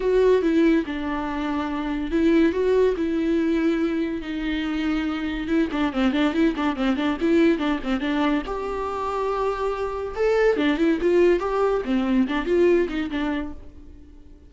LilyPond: \new Staff \with { instrumentName = "viola" } { \time 4/4 \tempo 4 = 142 fis'4 e'4 d'2~ | d'4 e'4 fis'4 e'4~ | e'2 dis'2~ | dis'4 e'8 d'8 c'8 d'8 e'8 d'8 |
c'8 d'8 e'4 d'8 c'8 d'4 | g'1 | a'4 d'8 e'8 f'4 g'4 | c'4 d'8 f'4 dis'8 d'4 | }